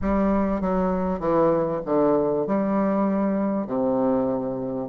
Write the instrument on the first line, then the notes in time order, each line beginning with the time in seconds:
bassoon
0.01 G3
0.61 F#3
1.19 E3
1.85 D3
2.47 G3
3.67 C3